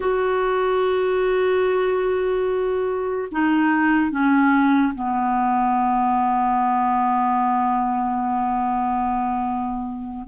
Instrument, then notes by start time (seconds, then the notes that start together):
clarinet
0.00 F#4
3.31 D#4
4.11 C#4
4.94 B3